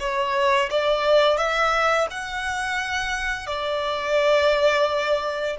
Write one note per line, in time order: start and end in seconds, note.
0.00 0.70 C#5
0.71 1.38 D5
1.38 2.07 E5
2.11 3.47 F#5
3.47 5.57 D5